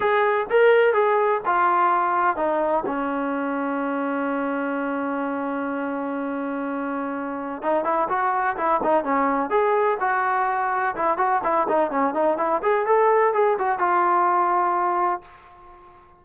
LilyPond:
\new Staff \with { instrumentName = "trombone" } { \time 4/4 \tempo 4 = 126 gis'4 ais'4 gis'4 f'4~ | f'4 dis'4 cis'2~ | cis'1~ | cis'1 |
dis'8 e'8 fis'4 e'8 dis'8 cis'4 | gis'4 fis'2 e'8 fis'8 | e'8 dis'8 cis'8 dis'8 e'8 gis'8 a'4 | gis'8 fis'8 f'2. | }